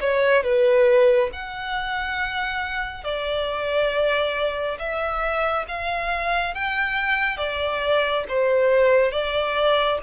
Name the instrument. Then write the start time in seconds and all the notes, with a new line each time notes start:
violin
0.00 C#5
0.43 B4
1.33 F#5
3.04 D5
4.78 E5
5.68 F5
6.54 G5
7.37 D5
8.28 C5
9.11 D5